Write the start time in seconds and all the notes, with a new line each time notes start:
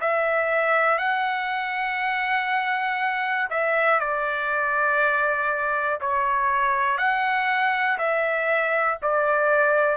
0.00 E5
0.98 F#5
3.50 E5
3.99 D5
6.00 C#5
6.98 F#5
7.98 E5
9.02 D5